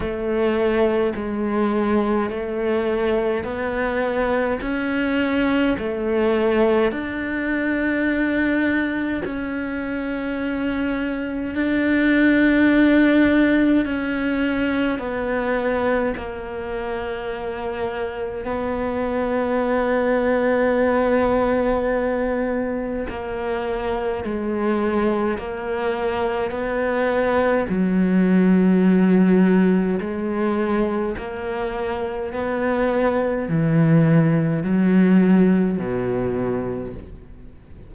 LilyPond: \new Staff \with { instrumentName = "cello" } { \time 4/4 \tempo 4 = 52 a4 gis4 a4 b4 | cis'4 a4 d'2 | cis'2 d'2 | cis'4 b4 ais2 |
b1 | ais4 gis4 ais4 b4 | fis2 gis4 ais4 | b4 e4 fis4 b,4 | }